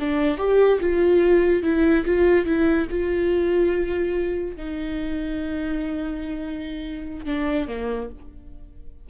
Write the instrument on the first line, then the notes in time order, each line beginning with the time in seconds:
viola
0.00 D4
0.38 G4
0.81 F4
1.63 E4
2.06 F4
2.46 E4
2.90 F4
4.57 D#4
7.26 D4
7.68 A#3